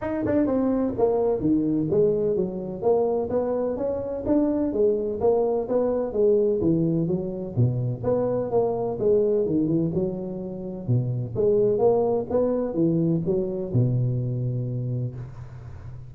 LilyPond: \new Staff \with { instrumentName = "tuba" } { \time 4/4 \tempo 4 = 127 dis'8 d'8 c'4 ais4 dis4 | gis4 fis4 ais4 b4 | cis'4 d'4 gis4 ais4 | b4 gis4 e4 fis4 |
b,4 b4 ais4 gis4 | dis8 e8 fis2 b,4 | gis4 ais4 b4 e4 | fis4 b,2. | }